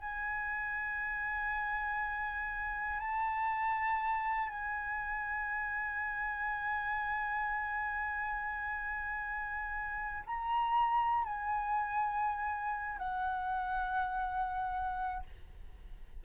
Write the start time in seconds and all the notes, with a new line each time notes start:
0.00 G#5
3.00 A5
4.49 G#5
10.27 A#5
11.25 G#5
12.98 F#5